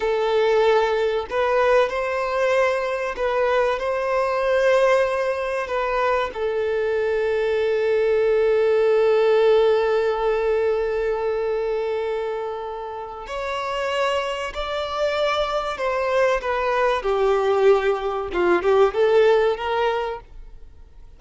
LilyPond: \new Staff \with { instrumentName = "violin" } { \time 4/4 \tempo 4 = 95 a'2 b'4 c''4~ | c''4 b'4 c''2~ | c''4 b'4 a'2~ | a'1~ |
a'1~ | a'4 cis''2 d''4~ | d''4 c''4 b'4 g'4~ | g'4 f'8 g'8 a'4 ais'4 | }